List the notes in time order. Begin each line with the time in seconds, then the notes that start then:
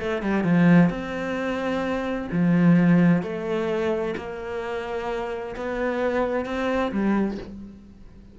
0.00 A3
0.22 G3
0.44 F3
0.90 C4
2.32 F3
3.23 A3
4.17 A#3
5.56 B3
6.46 C4
6.92 G3